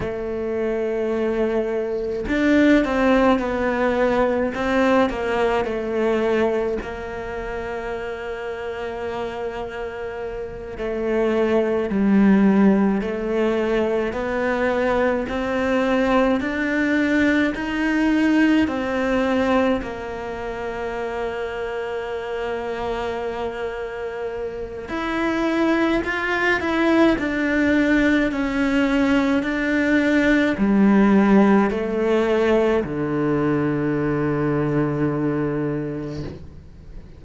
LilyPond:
\new Staff \with { instrumentName = "cello" } { \time 4/4 \tempo 4 = 53 a2 d'8 c'8 b4 | c'8 ais8 a4 ais2~ | ais4. a4 g4 a8~ | a8 b4 c'4 d'4 dis'8~ |
dis'8 c'4 ais2~ ais8~ | ais2 e'4 f'8 e'8 | d'4 cis'4 d'4 g4 | a4 d2. | }